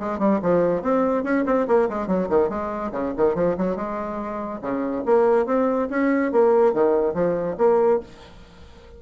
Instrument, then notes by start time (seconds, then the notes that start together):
bassoon
0.00 G#3
0.19 G3
0.42 F3
0.82 C4
1.24 C#4
1.46 C4
1.68 A#3
1.89 G#3
2.07 F#3
2.29 D#3
2.49 G#3
2.92 C#3
3.17 D#3
3.35 F3
3.58 F#3
3.76 G#3
4.62 C#3
5.06 A#3
5.46 C4
5.90 C#4
6.32 A#3
6.74 D#3
7.14 F3
7.58 A#3